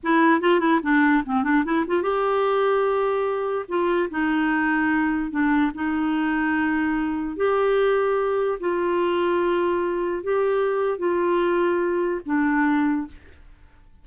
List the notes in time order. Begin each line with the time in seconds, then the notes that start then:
0.03 E4
0.40 F4
0.60 E4
0.83 D4
1.25 C4
1.43 D4
1.64 E4
1.87 F4
2.02 G4
3.68 F4
4.10 D#4
5.30 D4
5.74 D#4
7.36 G4
8.60 F4
10.23 G4
10.98 F4
12.25 D4